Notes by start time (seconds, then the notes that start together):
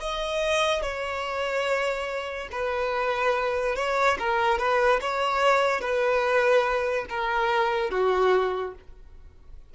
0.00 D#5
0.82 C#5
2.52 B4
3.76 C#5
4.19 A#4
4.58 B4
5.01 C#5
5.81 B4
7.09 A#4
7.91 F#4